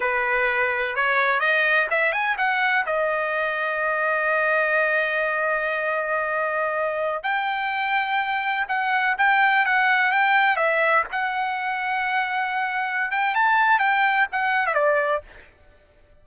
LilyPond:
\new Staff \with { instrumentName = "trumpet" } { \time 4/4 \tempo 4 = 126 b'2 cis''4 dis''4 | e''8 gis''8 fis''4 dis''2~ | dis''1~ | dis''2.~ dis''16 g''8.~ |
g''2~ g''16 fis''4 g''8.~ | g''16 fis''4 g''4 e''4 fis''8.~ | fis''2.~ fis''8 g''8 | a''4 g''4 fis''8. e''16 d''4 | }